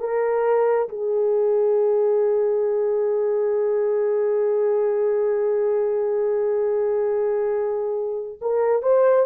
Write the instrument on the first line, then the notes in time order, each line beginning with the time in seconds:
horn
0.00 A#4
0.89 G#4
8.41 A#4
8.82 C5